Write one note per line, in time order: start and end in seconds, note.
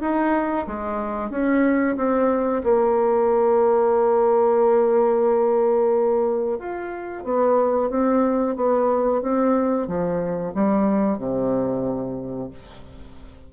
0.00 0.66 D#4
0.67 1.30 G#3
1.30 1.96 C#4
1.96 2.62 C4
2.63 6.58 A#3
6.58 7.23 F4
7.23 7.89 B3
7.89 8.55 C4
8.56 9.21 B3
9.21 9.87 C4
9.87 10.53 F3
10.54 11.18 G3
11.18 12.50 C3